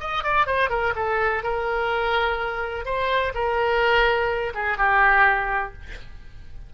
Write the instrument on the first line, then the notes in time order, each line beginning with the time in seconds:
oboe
0.00 D#5
0.23 D5
0.46 C5
0.70 A#4
0.95 A4
1.43 A#4
2.85 C5
3.34 A#4
4.54 G#4
4.78 G4